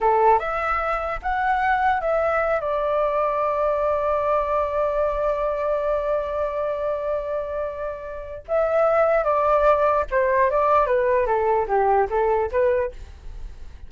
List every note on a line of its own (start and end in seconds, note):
0.00 0.39 A4
0.39 1.20 E5
1.22 2.00 F#5
2.00 2.60 E5
2.60 8.44 D5
8.47 9.24 E5
9.24 10.04 D5
10.11 10.50 C5
10.50 10.86 D5
10.86 11.26 B4
11.26 11.66 A4
11.67 12.07 G4
12.10 12.50 A4
12.51 12.91 B4